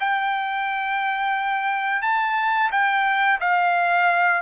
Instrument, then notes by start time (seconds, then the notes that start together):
trumpet
0.00 G5
2.02 A5
2.71 G5
3.40 F5